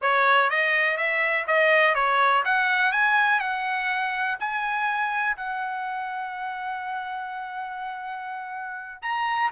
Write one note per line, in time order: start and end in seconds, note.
0.01 0.50 C#5
0.50 0.97 D#5
0.97 1.45 E5
1.47 1.94 D#5
1.94 2.43 C#5
2.44 2.92 F#5
2.92 3.39 G#5
3.39 4.37 F#5
4.39 5.36 G#5
5.36 9.02 F#5
9.02 9.51 A#5